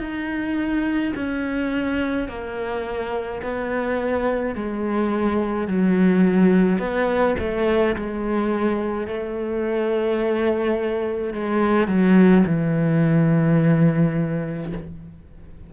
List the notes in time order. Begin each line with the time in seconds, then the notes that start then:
0.00 D#4
1.16 C#4
2.28 A#3
3.43 B3
4.55 G#3
5.68 F#3
6.79 B3
7.39 A3
7.96 G#3
9.07 A3
11.34 G#3
11.88 F#3
12.46 E3